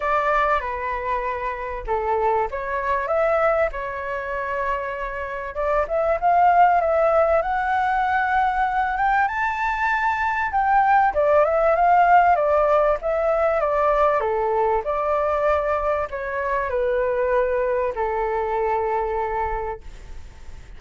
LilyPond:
\new Staff \with { instrumentName = "flute" } { \time 4/4 \tempo 4 = 97 d''4 b'2 a'4 | cis''4 e''4 cis''2~ | cis''4 d''8 e''8 f''4 e''4 | fis''2~ fis''8 g''8 a''4~ |
a''4 g''4 d''8 e''8 f''4 | d''4 e''4 d''4 a'4 | d''2 cis''4 b'4~ | b'4 a'2. | }